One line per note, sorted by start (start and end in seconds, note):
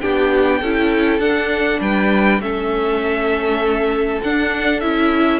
0.00 0.61 B3
0.00 0.60 D4
0.00 0.61 G4
0.00 1.19 G5
0.61 1.19 C#4
0.61 1.20 E4
0.61 1.81 A4
1.19 1.79 D4
1.19 2.40 D4
1.19 1.79 F#5
1.80 2.40 G3
1.80 2.41 B4
1.80 2.41 G5
2.40 4.20 A3
2.40 4.21 C#4
2.40 5.40 A4
2.40 4.21 E5
4.22 4.81 D4
4.22 4.82 D4
4.22 4.80 F#5
4.80 5.40 C#4
4.80 5.40 E4
4.80 5.40 E5